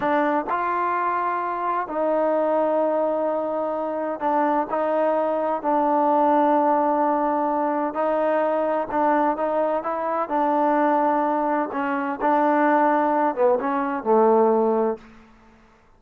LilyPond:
\new Staff \with { instrumentName = "trombone" } { \time 4/4 \tempo 4 = 128 d'4 f'2. | dis'1~ | dis'4 d'4 dis'2 | d'1~ |
d'4 dis'2 d'4 | dis'4 e'4 d'2~ | d'4 cis'4 d'2~ | d'8 b8 cis'4 a2 | }